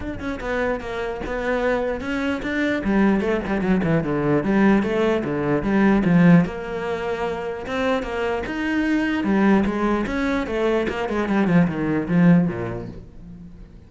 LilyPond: \new Staff \with { instrumentName = "cello" } { \time 4/4 \tempo 4 = 149 d'8 cis'8 b4 ais4 b4~ | b4 cis'4 d'4 g4 | a8 g8 fis8 e8 d4 g4 | a4 d4 g4 f4 |
ais2. c'4 | ais4 dis'2 g4 | gis4 cis'4 a4 ais8 gis8 | g8 f8 dis4 f4 ais,4 | }